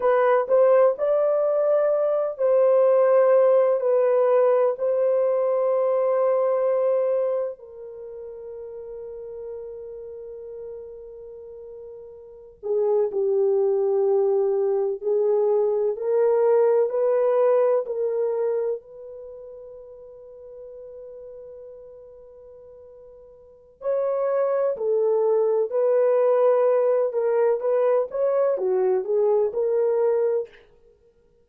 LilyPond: \new Staff \with { instrumentName = "horn" } { \time 4/4 \tempo 4 = 63 b'8 c''8 d''4. c''4. | b'4 c''2. | ais'1~ | ais'4~ ais'16 gis'8 g'2 gis'16~ |
gis'8. ais'4 b'4 ais'4 b'16~ | b'1~ | b'4 cis''4 a'4 b'4~ | b'8 ais'8 b'8 cis''8 fis'8 gis'8 ais'4 | }